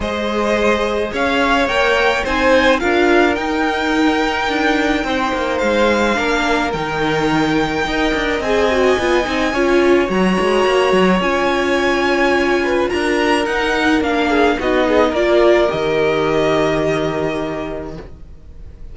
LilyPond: <<
  \new Staff \with { instrumentName = "violin" } { \time 4/4 \tempo 4 = 107 dis''2 f''4 g''4 | gis''4 f''4 g''2~ | g''2 f''2 | g''2. gis''4~ |
gis''2 ais''2 | gis''2. ais''4 | fis''4 f''4 dis''4 d''4 | dis''1 | }
  \new Staff \with { instrumentName = "violin" } { \time 4/4 c''2 cis''2 | c''4 ais'2.~ | ais'4 c''2 ais'4~ | ais'2 dis''2~ |
dis''4 cis''2.~ | cis''2~ cis''8 b'8 ais'4~ | ais'4. gis'8 fis'8 gis'8 ais'4~ | ais'1 | }
  \new Staff \with { instrumentName = "viola" } { \time 4/4 gis'2. ais'4 | dis'4 f'4 dis'2~ | dis'2. d'4 | dis'2 ais'4 gis'8 fis'8 |
f'8 dis'8 f'4 fis'2 | f'1 | dis'4 d'4 dis'4 f'4 | g'1 | }
  \new Staff \with { instrumentName = "cello" } { \time 4/4 gis2 cis'4 ais4 | c'4 d'4 dis'2 | d'4 c'8 ais8 gis4 ais4 | dis2 dis'8 d'8 c'4 |
b8 c'8 cis'4 fis8 gis8 ais8 fis8 | cis'2. d'4 | dis'4 ais4 b4 ais4 | dis1 | }
>>